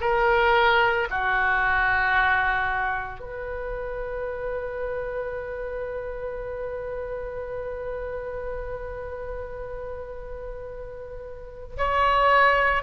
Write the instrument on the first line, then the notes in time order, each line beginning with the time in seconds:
oboe
0.00 A#4
1.10 F#4
3.19 B4
11.77 C#5